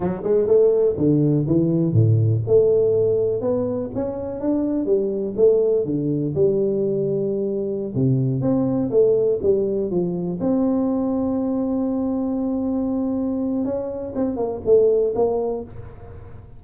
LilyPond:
\new Staff \with { instrumentName = "tuba" } { \time 4/4 \tempo 4 = 123 fis8 gis8 a4 d4 e4 | a,4 a2 b4 | cis'4 d'4 g4 a4 | d4 g2.~ |
g16 c4 c'4 a4 g8.~ | g16 f4 c'2~ c'8.~ | c'1 | cis'4 c'8 ais8 a4 ais4 | }